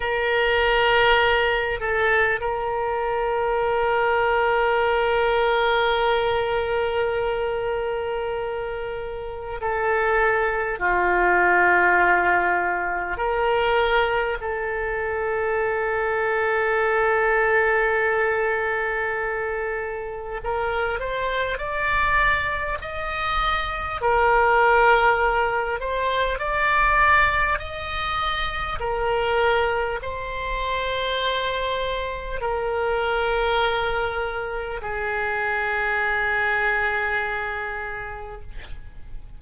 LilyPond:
\new Staff \with { instrumentName = "oboe" } { \time 4/4 \tempo 4 = 50 ais'4. a'8 ais'2~ | ais'1 | a'4 f'2 ais'4 | a'1~ |
a'4 ais'8 c''8 d''4 dis''4 | ais'4. c''8 d''4 dis''4 | ais'4 c''2 ais'4~ | ais'4 gis'2. | }